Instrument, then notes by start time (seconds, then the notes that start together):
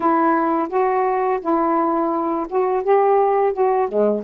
saxophone
0.00 E4
0.69 F#4
1.41 E4
2.49 F#4
2.83 G4
3.53 F#4
3.88 G#3